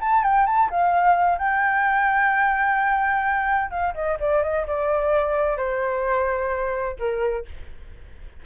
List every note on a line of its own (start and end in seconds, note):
0.00 0.23 A5
0.23 0.46 G5
0.46 0.69 A5
0.70 1.38 F5
1.38 3.70 G5
3.70 3.94 F5
3.94 4.17 D#5
4.19 4.43 D5
4.43 4.66 D#5
4.67 5.57 D5
5.57 6.96 C5
6.99 7.45 A#4